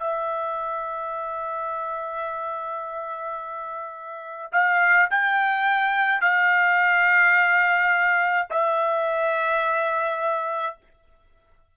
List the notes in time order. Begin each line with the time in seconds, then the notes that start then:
0.00 E5
4.53 F5
5.11 G5
6.22 F5
8.51 E5